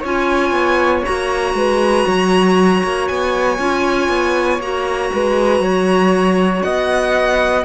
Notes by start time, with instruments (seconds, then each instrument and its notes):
0.00 cello C#4, clarinet F4, flute C#5, violin G#5
0.51 cello B3
1.04 cello A#3, clarinet F#4, violin A#5
1.54 cello G#3, flute B4
2.06 cello F#3, flute C#5
2.83 cello A#3
3.07 cello B3, violin G#5
3.58 cello C#4, clarinet F4
4.08 cello B3
4.59 cello A#3, clarinet F#4, violin A#5
5.12 cello G#3, flute B4
5.59 cello F#3, flute C#5
6.62 cello B3, flute D#5, violin F#5